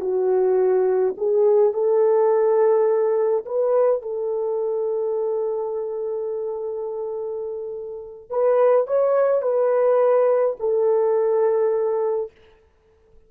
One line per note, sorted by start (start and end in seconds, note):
0.00 1.14 F#4
1.17 1.73 G#4
1.73 3.44 A4
3.45 4.02 B4
4.02 8.30 A4
8.30 8.87 B4
8.87 9.42 C#5
9.42 10.56 B4
10.59 12.31 A4